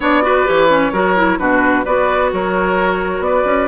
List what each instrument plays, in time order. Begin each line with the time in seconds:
0.00 bassoon B3, clarinet D4, oboe C#5, flute D5
0.22 clarinet F#4, oboe B4
0.45 bassoon E3, clarinet G4, flute C#5
0.69 clarinet C#4
0.92 bassoon F#3, clarinet F#4, oboe A#4
1.16 clarinet E4
1.38 bassoon B2, clarinet D4, oboe F#4, flute B4
1.84 bassoon B3, clarinet F#4, oboe B4, flute D5
2.33 bassoon F#3, oboe A#4, flute C#5
3.19 bassoon B3, flute D5
3.26 oboe B4
3.45 bassoon C#4